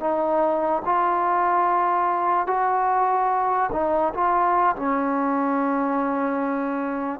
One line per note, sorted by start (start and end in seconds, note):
0.00 0.82 D#4
0.85 2.47 F4
2.47 3.70 F#4
3.72 4.13 D#4
4.14 4.76 F4
4.76 7.20 C#4